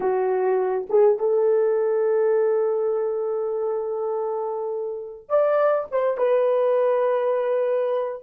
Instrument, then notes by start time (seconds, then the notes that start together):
horn
0.00 F#4
0.89 G#4
1.18 A4
5.29 D5
5.91 C5
6.17 B4